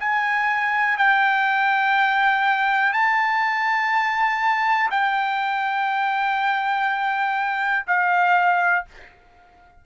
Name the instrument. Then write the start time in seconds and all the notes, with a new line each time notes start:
trumpet
0.00 G#5
0.98 G5
2.93 A5
4.91 G5
7.87 F5